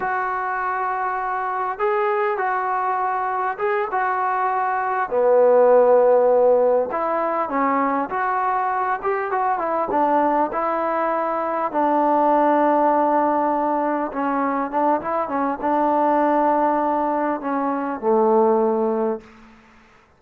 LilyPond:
\new Staff \with { instrumentName = "trombone" } { \time 4/4 \tempo 4 = 100 fis'2. gis'4 | fis'2 gis'8 fis'4.~ | fis'8 b2. e'8~ | e'8 cis'4 fis'4. g'8 fis'8 |
e'8 d'4 e'2 d'8~ | d'2.~ d'8 cis'8~ | cis'8 d'8 e'8 cis'8 d'2~ | d'4 cis'4 a2 | }